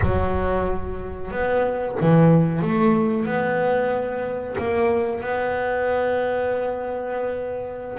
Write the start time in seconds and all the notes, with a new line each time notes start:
0.02 F#3
1.31 B3
2.00 E3
2.62 A3
3.25 B3
4.58 A#3
5.21 B3